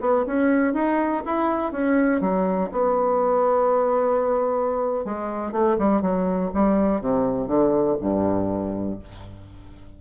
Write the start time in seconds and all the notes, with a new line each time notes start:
0.00 B3
0.26 C#4
0.73 D#4
1.25 E4
1.71 C#4
2.20 F#3
2.71 B3
5.04 G#3
5.52 A3
5.78 G3
6.01 F#3
6.54 G3
7.01 C3
7.47 D3
8.00 G2